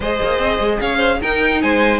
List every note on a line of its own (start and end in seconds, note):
0.00 0.19 G#3
0.00 1.22 G#4
0.00 0.80 C5
0.00 0.80 D#5
0.22 0.38 A#3
0.38 0.59 C4
0.59 0.79 G#3
0.80 1.21 C#4
0.80 0.97 C#5
0.80 1.21 F5
0.97 1.17 C5
1.21 1.99 D#4
1.21 1.63 D#4
1.21 1.61 A#4
1.21 1.62 G5
1.62 1.99 G#3
1.62 1.99 C5
1.62 1.99 G#5